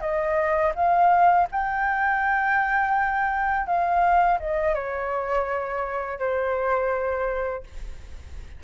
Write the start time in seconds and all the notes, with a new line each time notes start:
0.00 D#5
0.75 F5
1.51 G5
3.66 F5
4.39 D#5
4.74 C#5
6.19 C5